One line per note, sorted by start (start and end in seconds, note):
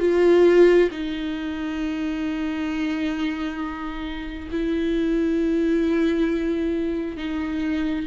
0.00 0.90 F4
0.91 4.49 D#4
4.51 7.17 E4
7.17 8.07 D#4